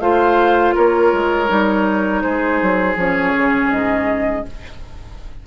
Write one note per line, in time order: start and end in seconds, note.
0.00 0.74 A3
0.00 1.48 F4
0.00 0.75 C5
0.00 0.75 F5
0.75 1.13 A#3
0.75 2.23 A#4
0.75 2.23 C#5
1.13 1.50 G#3
1.48 2.24 G3
1.48 2.96 D#4
2.23 2.62 G#3
2.23 4.46 G#4
2.23 2.97 C5
2.62 2.96 F#3
2.96 3.33 F3
2.96 4.47 C#4
2.96 3.71 C#5
3.37 3.71 C#3
3.71 4.45 G#2
3.71 4.46 D#5